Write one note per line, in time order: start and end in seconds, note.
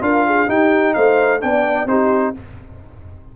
0.00 0.47 D4
0.00 0.47 F4
0.00 0.26 A#4
0.00 0.49 F5
0.26 0.48 G#4
0.47 1.40 D#4
0.47 0.95 D#4
0.47 0.94 G4
0.47 0.93 G5
0.93 1.43 A3
0.93 1.41 C5
0.93 1.40 F5
1.40 1.85 B3
1.40 1.87 D4
1.40 1.89 D5
1.40 1.88 G5
1.85 2.32 C4
1.85 2.34 D#4
1.85 2.35 G4
1.85 2.34 C5